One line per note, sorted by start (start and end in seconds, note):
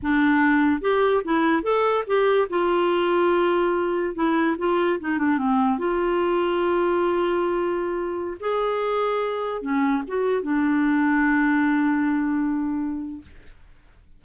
0.02 0.81 D4
0.81 1.22 G4
1.24 1.63 E4
1.63 2.04 A4
2.06 2.48 G4
2.49 4.15 F4
4.15 4.56 E4
4.58 4.99 F4
5.00 5.18 D#4
5.18 5.38 D4
5.38 5.78 C4
5.78 8.37 F4
8.40 9.61 G#4
9.61 10.03 C#4
10.07 10.42 F#4
10.42 13.21 D4